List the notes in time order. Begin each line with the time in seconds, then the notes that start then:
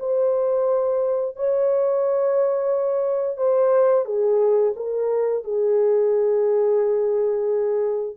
0.00 C5
1.36 C#5
3.38 C5
4.06 G#4
4.76 A#4
5.45 G#4